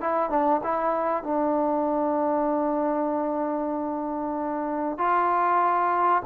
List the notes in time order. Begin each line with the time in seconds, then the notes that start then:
0.00 E4
0.30 D4
0.63 E4
1.23 D4
4.97 F4